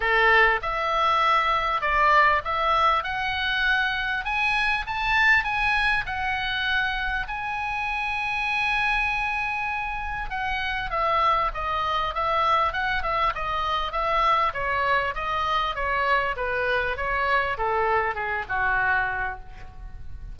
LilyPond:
\new Staff \with { instrumentName = "oboe" } { \time 4/4 \tempo 4 = 99 a'4 e''2 d''4 | e''4 fis''2 gis''4 | a''4 gis''4 fis''2 | gis''1~ |
gis''4 fis''4 e''4 dis''4 | e''4 fis''8 e''8 dis''4 e''4 | cis''4 dis''4 cis''4 b'4 | cis''4 a'4 gis'8 fis'4. | }